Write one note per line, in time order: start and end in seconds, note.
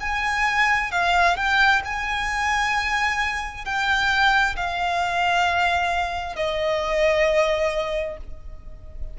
0.00 0.91 G#5
0.91 1.36 F5
1.36 1.82 G5
1.85 3.64 G#5
3.64 4.55 G5
4.56 6.36 F5
6.36 8.17 D#5